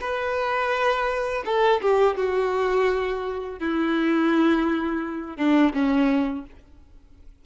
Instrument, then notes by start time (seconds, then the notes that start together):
violin
0.00 B4
1.45 A4
1.81 G4
2.16 F#4
3.59 E4
5.37 D4
5.73 C#4